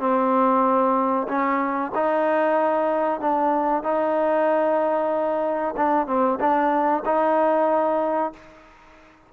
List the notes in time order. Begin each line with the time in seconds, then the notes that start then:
0.00 C4
1.28 C#4
1.95 D#4
3.21 D4
3.84 D#4
5.77 D4
6.07 C4
6.40 D4
7.05 D#4